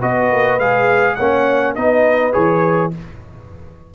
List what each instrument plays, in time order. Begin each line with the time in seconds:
0.00 tuba B3, trombone F#4, horn B4, trumpet D#5
0.32 tuba A#3
0.59 tuba G#3, trombone G#4, trumpet F5
1.16 tuba A#3, trombone C#4, horn C#5, trumpet F#5
1.76 tuba B3, trombone D#4, horn B4, trumpet D#5
2.33 tuba E3, trombone G#4, trumpet C#5